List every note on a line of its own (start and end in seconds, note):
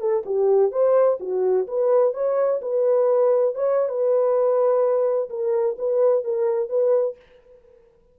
0.00 0.23 A4
0.26 0.72 G4
0.72 1.18 C5
1.20 1.67 F#4
1.67 2.14 B4
2.14 2.61 C#5
2.62 3.55 B4
3.55 3.89 C#5
3.89 5.29 B4
5.30 5.77 A#4
5.78 6.24 B4
6.24 6.69 A#4
6.69 7.16 B4